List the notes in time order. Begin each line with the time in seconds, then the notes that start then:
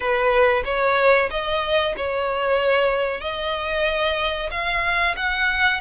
0.00 B4
0.65 C#5
1.30 D#5
1.96 C#5
3.21 D#5
4.50 F5
5.16 F#5